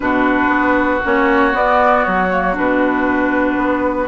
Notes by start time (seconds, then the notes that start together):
0.00 B2 D4 F#4 B4
0.49 B3
1.03 A#3 C#4 C#5
1.52 B3 D5
2.04 F#3 C#5
2.30 A#3
2.54 B2 D4 B4
3.57 B3